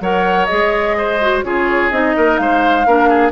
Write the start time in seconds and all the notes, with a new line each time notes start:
0.00 F#3 A#4 C#5 F#5
0.45 G#4 D#5
0.52 G#3
0.98 C5
1.21 F#4
1.43 C#3 F4 G#4 C#5
1.91 C4 D#4 D#5
2.17 A#3 A#4
2.37 G#3 C5 F5
2.86 A#3 D4 A#4
3.09 G#4